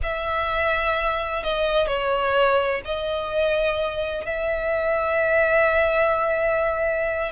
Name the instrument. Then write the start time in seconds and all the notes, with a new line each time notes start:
violin
0.02 E5
1.43 D#5
1.87 C#5
2.84 D#5
4.25 E5